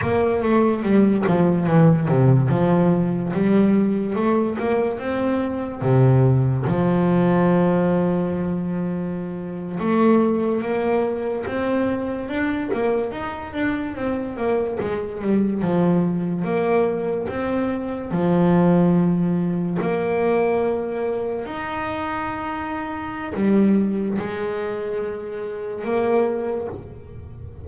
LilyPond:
\new Staff \with { instrumentName = "double bass" } { \time 4/4 \tempo 4 = 72 ais8 a8 g8 f8 e8 c8 f4 | g4 a8 ais8 c'4 c4 | f2.~ f8. a16~ | a8. ais4 c'4 d'8 ais8 dis'16~ |
dis'16 d'8 c'8 ais8 gis8 g8 f4 ais16~ | ais8. c'4 f2 ais16~ | ais4.~ ais16 dis'2~ dis'16 | g4 gis2 ais4 | }